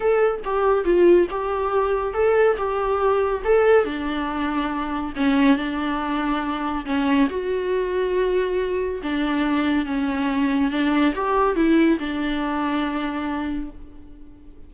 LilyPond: \new Staff \with { instrumentName = "viola" } { \time 4/4 \tempo 4 = 140 a'4 g'4 f'4 g'4~ | g'4 a'4 g'2 | a'4 d'2. | cis'4 d'2. |
cis'4 fis'2.~ | fis'4 d'2 cis'4~ | cis'4 d'4 g'4 e'4 | d'1 | }